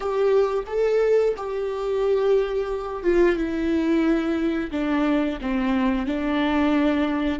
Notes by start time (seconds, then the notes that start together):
0.00 G4
0.66 A4
1.36 G4
3.03 F4
3.36 E4
4.71 D4
5.41 C4
6.06 D4